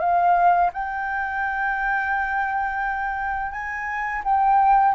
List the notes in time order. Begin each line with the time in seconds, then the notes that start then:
0.00 F5
0.73 G5
3.52 G#5
4.24 G5